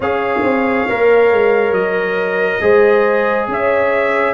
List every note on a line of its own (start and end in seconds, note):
0.00 0.40 C#4
0.00 0.88 G#4
0.00 2.61 C#5
0.00 1.73 F5
0.43 0.86 C4
0.88 1.31 A#3
0.88 2.61 A#4
1.31 1.71 G#3
1.71 2.58 F#3
1.71 3.47 D#5
2.61 3.47 G#3
2.61 4.34 G#4
2.61 3.49 C5
3.47 4.34 C#4
3.47 4.34 C#5
3.47 4.34 E5